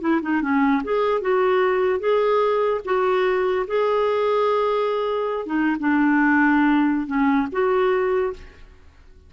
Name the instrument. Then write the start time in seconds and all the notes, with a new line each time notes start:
clarinet
0.00 E4
0.22 D#4
0.41 C#4
0.83 G#4
1.21 F#4
1.99 G#4
2.85 F#4
3.67 G#4
5.45 D#4
5.79 D4
7.06 C#4
7.52 F#4